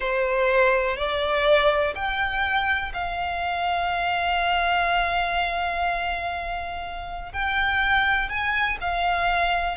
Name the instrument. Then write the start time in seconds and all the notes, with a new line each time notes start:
violin
0.00 C5
0.96 D5
1.95 G5
2.93 F5
7.32 G5
8.29 G#5
8.80 F5